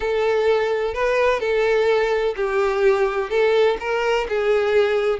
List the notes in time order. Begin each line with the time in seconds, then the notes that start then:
0.00 A4
0.94 B4
1.40 A4
2.36 G4
3.29 A4
3.80 A#4
4.28 G#4